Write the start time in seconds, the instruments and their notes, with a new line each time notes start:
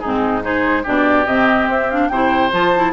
0.00 bassoon G#2, clarinet C4, oboe D#4, flute G#4
0.42 clarinet D#4, oboe G#4, flute C5
0.83 bassoon B2, clarinet D4, oboe G4, flute D5
1.26 bassoon C3, clarinet C4, flute D#5
1.68 bassoon C4, flute E5
1.91 clarinet D4, flute F5
2.09 bassoon C3, clarinet E4, oboe C5, flute G5
2.51 bassoon F3, clarinet F4, flute A5
2.76 clarinet E4